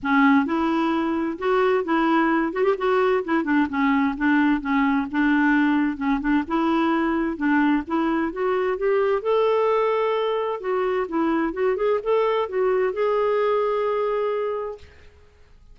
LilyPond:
\new Staff \with { instrumentName = "clarinet" } { \time 4/4 \tempo 4 = 130 cis'4 e'2 fis'4 | e'4. fis'16 g'16 fis'4 e'8 d'8 | cis'4 d'4 cis'4 d'4~ | d'4 cis'8 d'8 e'2 |
d'4 e'4 fis'4 g'4 | a'2. fis'4 | e'4 fis'8 gis'8 a'4 fis'4 | gis'1 | }